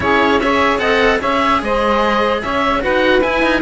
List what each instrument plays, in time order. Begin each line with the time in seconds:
0.00 cello C#4 E4, saxophone G#4, oboe C#5
0.40 cello G#4, saxophone C#5, oboe E5
0.78 cello C4 A4, saxophone D#5, oboe F#5
1.19 cello C#4 G#4, saxophone C#5, oboe E5
1.62 cello G#3, saxophone C5, oboe D#5
2.42 cello C#4, saxophone C#5, oboe E5
2.81 cello D#4 F#4, saxophone B4, oboe F#5
3.20 cello E4, oboe G#5
3.42 cello D#4